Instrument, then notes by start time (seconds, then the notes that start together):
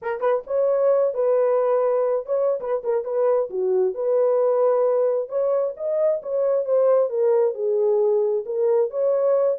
horn
0.02 A#4
0.20 B4
0.46 C#5
1.13 B4
2.26 C#5
2.60 B4
2.83 A#4
3.04 B4
3.49 F#4
3.94 B4
5.29 C#5
5.76 D#5
6.22 C#5
6.65 C5
7.09 A#4
7.54 G#4
8.45 A#4
8.90 C#5